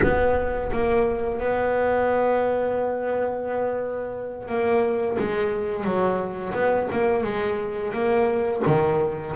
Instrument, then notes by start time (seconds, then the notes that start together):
double bass
0.02 B3
0.71 A#3
1.39 B3
4.48 A#3
5.18 G#3
5.84 F#3
6.53 B3
6.92 A#3
7.23 G#3
7.93 A#3
8.66 D#3